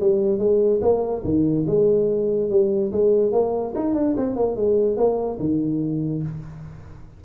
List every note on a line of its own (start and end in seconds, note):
0.00 0.38 G3
0.38 0.80 G#3
0.82 1.23 A#3
1.24 1.65 D#3
1.67 2.50 G#3
2.50 2.92 G3
2.92 3.32 G#3
3.32 3.73 A#3
3.75 3.94 D#4
3.94 4.15 D4
4.17 4.36 C4
4.36 4.56 A#3
4.56 4.97 G#3
4.97 5.38 A#3
5.39 6.23 D#3